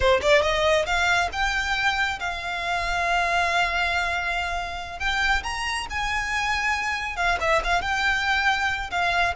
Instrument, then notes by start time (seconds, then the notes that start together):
violin
0.00 C5
0.21 D5
0.42 D#5
0.85 F5
1.32 G5
2.19 F5
4.99 G5
5.43 A#5
5.90 G#5
7.16 F5
7.40 E5
7.63 F5
7.81 G5
8.91 F5